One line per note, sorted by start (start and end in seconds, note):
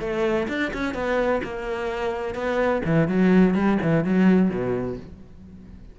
0.00 0.47 A3
0.48 0.72 D4
0.73 0.94 C#4
0.94 1.42 B3
1.44 2.35 A#3
2.35 2.82 B3
2.85 3.08 E3
3.08 3.55 F#3
3.55 3.78 G3
3.82 4.04 E3
4.04 4.50 F#3
4.50 4.97 B2